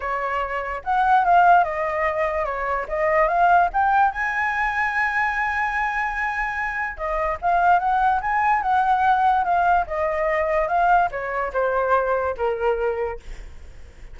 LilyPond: \new Staff \with { instrumentName = "flute" } { \time 4/4 \tempo 4 = 146 cis''2 fis''4 f''4 | dis''2 cis''4 dis''4 | f''4 g''4 gis''2~ | gis''1~ |
gis''4 dis''4 f''4 fis''4 | gis''4 fis''2 f''4 | dis''2 f''4 cis''4 | c''2 ais'2 | }